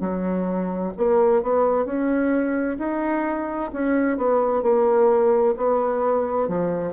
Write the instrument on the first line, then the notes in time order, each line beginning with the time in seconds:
bassoon
0.00 F#3
0.97 A#3
1.43 B3
1.85 C#4
2.79 D#4
3.73 C#4
4.17 B3
4.62 A#3
5.57 B3
6.48 F3